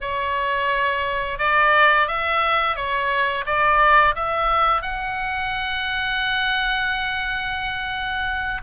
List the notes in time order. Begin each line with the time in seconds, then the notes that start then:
0.00 C#5
1.38 D5
2.07 E5
2.76 C#5
3.45 D5
4.15 E5
4.82 F#5